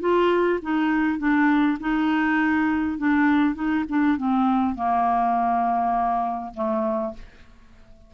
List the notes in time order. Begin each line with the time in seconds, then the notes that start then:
0.00 F4
0.62 D#4
1.18 D4
1.80 D#4
2.98 D4
3.55 D#4
3.89 D4
4.17 C4
4.75 A#3
6.54 A3